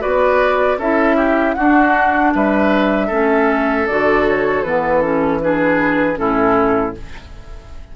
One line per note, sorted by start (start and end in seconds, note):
0.00 0.78 B3
0.00 0.77 F#4
0.00 0.78 B4
0.00 0.79 D5
0.78 1.55 C#4
0.78 1.57 E4
0.78 1.16 A4
0.78 1.54 E5
1.16 1.55 G4
1.54 3.10 D4
1.54 2.34 D4
1.54 2.33 F#4
1.54 2.31 F#5
2.34 3.10 G3
2.34 3.07 B4
2.34 3.87 E5
3.07 3.87 A3
3.07 3.87 C#4
3.07 5.38 A4
3.87 4.63 D3
3.87 4.65 F#4
3.87 4.25 D5
4.28 4.63 C#5
4.63 6.17 E3
4.63 5.02 B3
4.63 5.02 B4
5.02 5.40 C#4
5.02 5.40 A4
5.41 6.15 D4
5.41 6.19 G#4
5.41 6.18 B4
6.15 6.96 A2
6.15 6.92 C#4
6.15 6.96 E4
6.15 6.95 A4